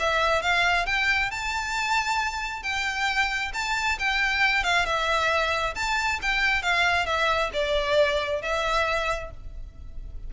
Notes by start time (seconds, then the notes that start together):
0.00 E5
0.42 F5
0.86 G5
1.31 A5
2.63 G5
3.54 A5
3.99 G5
4.64 F5
4.86 E5
5.76 A5
6.22 G5
6.63 F5
7.06 E5
7.54 D5
8.42 E5